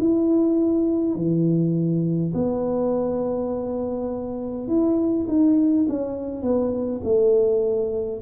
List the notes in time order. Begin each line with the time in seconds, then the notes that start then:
0.00 E4
1.16 E3
2.34 B3
4.68 E4
5.28 D#4
5.89 C#4
6.42 B3
7.04 A3